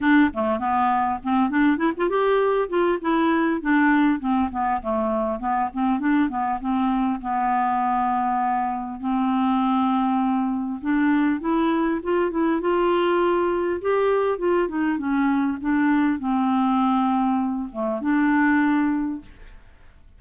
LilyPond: \new Staff \with { instrumentName = "clarinet" } { \time 4/4 \tempo 4 = 100 d'8 a8 b4 c'8 d'8 e'16 f'16 g'8~ | g'8 f'8 e'4 d'4 c'8 b8 | a4 b8 c'8 d'8 b8 c'4 | b2. c'4~ |
c'2 d'4 e'4 | f'8 e'8 f'2 g'4 | f'8 dis'8 cis'4 d'4 c'4~ | c'4. a8 d'2 | }